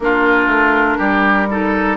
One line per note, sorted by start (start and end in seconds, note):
0.00 0.46 A#3
0.00 1.49 D4
0.00 0.97 F4
0.00 1.97 A#4
0.46 0.95 A3
0.97 1.97 G3
0.97 1.47 G4
1.49 1.97 D#4
1.49 1.97 A4